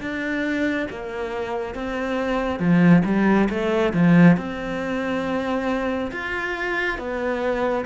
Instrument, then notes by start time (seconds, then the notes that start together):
cello
0.00 D4
0.90 A#3
1.74 C4
2.59 F3
3.05 G3
3.49 A3
3.93 F3
4.36 C4
6.11 F4
6.98 B3